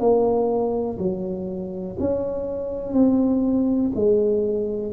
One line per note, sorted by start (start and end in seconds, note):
0.00 0.98 A#3
0.99 1.97 F#3
2.00 2.94 C#4
2.94 3.92 C4
3.95 4.94 G#3